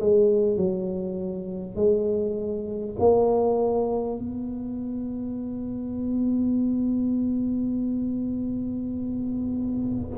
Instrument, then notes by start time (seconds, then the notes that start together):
tuba
0.00 G#3
0.57 F#3
1.76 G#3
2.99 A#3
4.18 B3